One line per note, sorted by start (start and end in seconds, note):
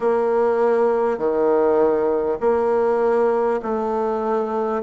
0.00 1.17 A#3
1.17 2.37 D#3
2.40 3.60 A#3
3.62 4.82 A3